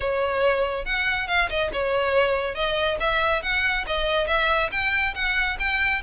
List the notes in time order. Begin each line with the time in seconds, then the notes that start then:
0.00 C#5
0.85 F#5
1.27 F5
1.49 D#5
1.72 C#5
2.54 D#5
3.00 E5
3.42 F#5
3.86 D#5
4.27 E5
4.71 G5
5.14 F#5
5.59 G5